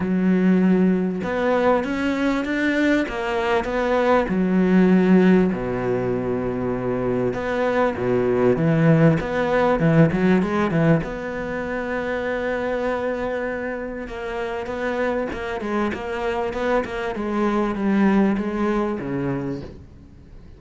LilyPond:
\new Staff \with { instrumentName = "cello" } { \time 4/4 \tempo 4 = 98 fis2 b4 cis'4 | d'4 ais4 b4 fis4~ | fis4 b,2. | b4 b,4 e4 b4 |
e8 fis8 gis8 e8 b2~ | b2. ais4 | b4 ais8 gis8 ais4 b8 ais8 | gis4 g4 gis4 cis4 | }